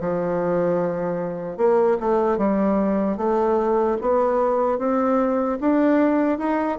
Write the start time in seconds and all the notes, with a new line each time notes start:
0.00 F3
1.57 A#3
2.00 A3
2.37 G3
3.17 A3
4.01 B3
4.78 C4
5.60 D4
6.38 D#4